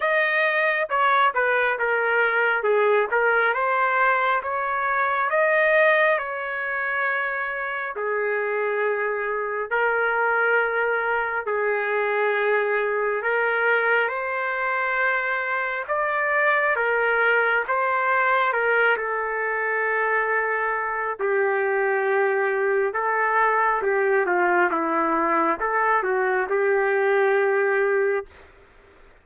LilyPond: \new Staff \with { instrumentName = "trumpet" } { \time 4/4 \tempo 4 = 68 dis''4 cis''8 b'8 ais'4 gis'8 ais'8 | c''4 cis''4 dis''4 cis''4~ | cis''4 gis'2 ais'4~ | ais'4 gis'2 ais'4 |
c''2 d''4 ais'4 | c''4 ais'8 a'2~ a'8 | g'2 a'4 g'8 f'8 | e'4 a'8 fis'8 g'2 | }